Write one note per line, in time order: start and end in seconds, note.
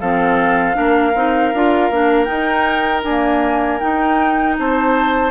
0.00 0.77 F3
0.00 0.74 C4
0.00 0.76 A4
0.00 2.24 F5
0.74 1.14 A#3
0.74 1.12 D4
0.74 4.56 A#4
1.14 1.52 C4
1.14 1.53 D#4
1.53 1.90 D4
1.53 1.92 F4
1.90 2.28 A#3
1.90 2.26 D4
2.24 3.02 D#4
2.24 3.03 D#4
2.24 3.00 G5
3.03 3.79 D4
3.03 3.79 G#5
3.09 3.80 A#3
3.79 5.31 D#4
3.79 4.59 D#4
3.79 4.55 G5
4.59 5.31 C4
4.59 5.31 C5
4.59 5.31 A5